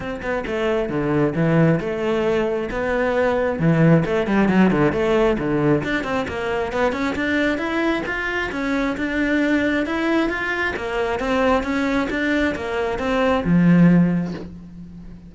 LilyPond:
\new Staff \with { instrumentName = "cello" } { \time 4/4 \tempo 4 = 134 c'8 b8 a4 d4 e4 | a2 b2 | e4 a8 g8 fis8 d8 a4 | d4 d'8 c'8 ais4 b8 cis'8 |
d'4 e'4 f'4 cis'4 | d'2 e'4 f'4 | ais4 c'4 cis'4 d'4 | ais4 c'4 f2 | }